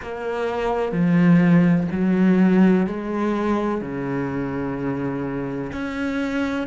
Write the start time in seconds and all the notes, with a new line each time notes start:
0.02 A#3
0.91 F3
1.91 F#3
2.87 G#3
3.81 C#3
5.72 C#4